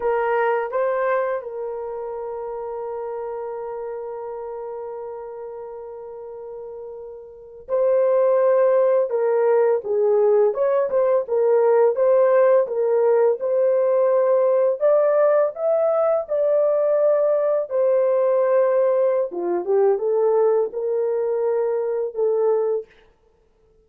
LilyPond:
\new Staff \with { instrumentName = "horn" } { \time 4/4 \tempo 4 = 84 ais'4 c''4 ais'2~ | ais'1~ | ais'2~ ais'8. c''4~ c''16~ | c''8. ais'4 gis'4 cis''8 c''8 ais'16~ |
ais'8. c''4 ais'4 c''4~ c''16~ | c''8. d''4 e''4 d''4~ d''16~ | d''8. c''2~ c''16 f'8 g'8 | a'4 ais'2 a'4 | }